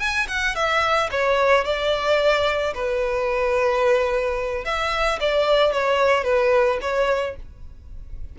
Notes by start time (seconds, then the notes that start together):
0.00 G#5
0.29 F#5
0.56 E5
1.12 C#5
1.65 D5
2.75 B4
4.65 E5
5.21 D5
5.73 C#5
6.25 B4
6.82 C#5